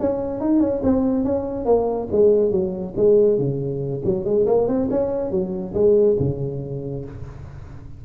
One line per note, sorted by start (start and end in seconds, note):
0.00 0.41 C#4
0.41 0.60 D#4
0.60 0.82 C#4
0.84 1.25 C4
1.25 1.66 C#4
1.66 2.08 A#3
2.12 2.52 G#3
2.52 2.95 F#3
2.97 3.39 G#3
3.39 4.03 C#3
4.05 4.25 F#3
4.25 4.46 G#3
4.47 4.68 A#3
4.68 4.89 C4
4.91 5.31 C#4
5.31 5.74 F#3
5.74 6.17 G#3
6.19 7.05 C#3